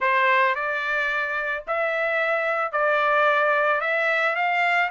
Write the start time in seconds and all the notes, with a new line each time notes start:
0.00 C5
0.55 D5
1.67 E5
2.71 D5
3.81 E5
4.35 F5